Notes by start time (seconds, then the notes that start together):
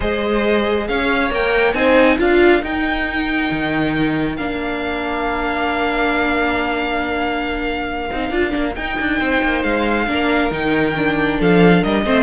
0.00 G#3 G#4 C5 D#5
0.87 C#4 C#5 F5
1.29 A#3 A#4 G5
1.73 C4 D#4 C5 G#5
2.18 D4 F4 A#4 F5
2.61 D#4 G5
3.51 D#3
4.36 A#3 D4 F5
8.10 C4 D#4
8.30 D4 F4
8.50 A#3 D4
8.75 D#4 G5
8.99 D4
9.19 C4 C5
9.42 A#3
9.63 G#3 F5
10.07 A#3 D4 A#4
10.50 D#3 D#4 G5
10.96 D4
11.39 F3 A4 F5
11.80 G3 A#4 D#5
12.05 A3 C4 C5